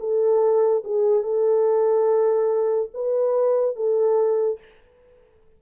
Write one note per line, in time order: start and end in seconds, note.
0.00 0.83 A4
0.84 1.23 G#4
1.23 2.90 A4
2.94 3.76 B4
3.76 4.59 A4